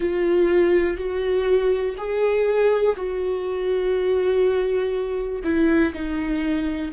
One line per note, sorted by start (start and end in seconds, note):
0.00 0.97 F4
0.97 1.95 F#4
1.97 2.96 G#4
2.96 5.42 F#4
5.44 5.93 E4
5.93 6.91 D#4